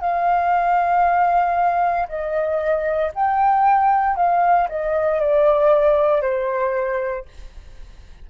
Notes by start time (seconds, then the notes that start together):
0.00 F5
2.08 D#5
3.15 G5
4.16 F5
4.69 D#5
5.20 D5
6.21 C5